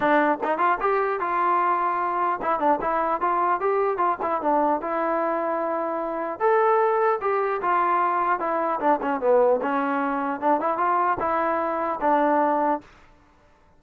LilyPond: \new Staff \with { instrumentName = "trombone" } { \time 4/4 \tempo 4 = 150 d'4 dis'8 f'8 g'4 f'4~ | f'2 e'8 d'8 e'4 | f'4 g'4 f'8 e'8 d'4 | e'1 |
a'2 g'4 f'4~ | f'4 e'4 d'8 cis'8 b4 | cis'2 d'8 e'8 f'4 | e'2 d'2 | }